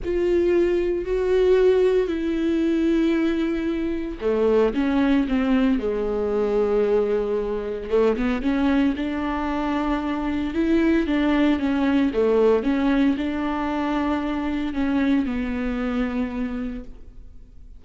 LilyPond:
\new Staff \with { instrumentName = "viola" } { \time 4/4 \tempo 4 = 114 f'2 fis'2 | e'1 | a4 cis'4 c'4 gis4~ | gis2. a8 b8 |
cis'4 d'2. | e'4 d'4 cis'4 a4 | cis'4 d'2. | cis'4 b2. | }